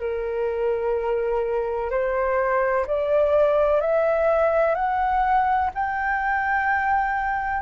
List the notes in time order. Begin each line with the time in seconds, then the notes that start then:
0.00 A#4
1.90 C5
2.87 D5
3.81 E5
4.75 F#5
5.75 G5